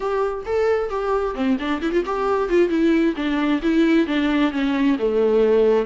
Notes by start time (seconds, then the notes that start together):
0.00 G4
0.45 A4
0.89 G4
1.34 C4
1.59 D4
1.81 E4
1.92 F4
2.05 G4
2.49 F4
2.69 E4
3.16 D4
3.62 E4
4.06 D4
4.51 C#4
4.98 A3